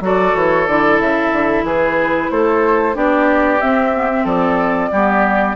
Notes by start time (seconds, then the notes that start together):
0.00 F#3 F#4 A4 D5
0.35 E3 C#5
0.66 D3 E4 D5
0.99 C#3 E5
1.32 D3
1.62 E3 G#4 B4
2.30 A3 A4 C5
2.94 B3 D4 G4 D5
3.60 C4 E5
3.93 B3
4.11 C4
4.24 F3 A4 D5
4.91 G3 B3 G4